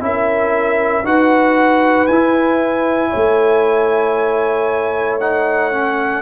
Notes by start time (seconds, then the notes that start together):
0.00 C#4 E4 A#4 E5
1.04 D#4 F#4 B4 F#5
2.06 E4 G#5
3.10 A3 C#5
5.20 D#4 F#5
5.72 C#4